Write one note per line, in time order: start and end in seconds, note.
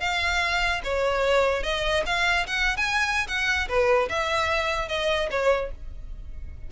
0.00 0.81 F5
0.84 1.63 C#5
1.63 2.03 D#5
2.06 2.46 F5
2.47 2.77 F#5
2.77 3.27 G#5
3.27 3.68 F#5
3.68 4.09 B4
4.09 4.89 E5
4.89 5.29 D#5
5.31 5.71 C#5